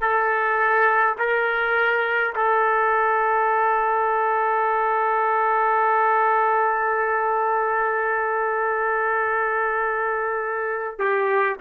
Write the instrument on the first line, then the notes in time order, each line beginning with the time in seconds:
trumpet
0.00 A4
1.18 A#4
2.35 A4
10.99 G4